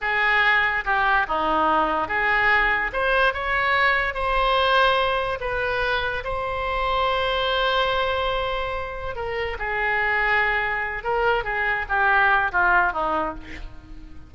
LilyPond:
\new Staff \with { instrumentName = "oboe" } { \time 4/4 \tempo 4 = 144 gis'2 g'4 dis'4~ | dis'4 gis'2 c''4 | cis''2 c''2~ | c''4 b'2 c''4~ |
c''1~ | c''2 ais'4 gis'4~ | gis'2~ gis'8 ais'4 gis'8~ | gis'8 g'4. f'4 dis'4 | }